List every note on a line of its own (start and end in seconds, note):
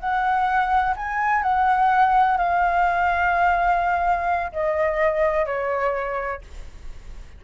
0.00 0.95 F#5
0.97 1.43 G#5
1.43 2.38 F#5
2.38 4.52 F5
4.53 5.47 D#5
5.47 6.42 C#5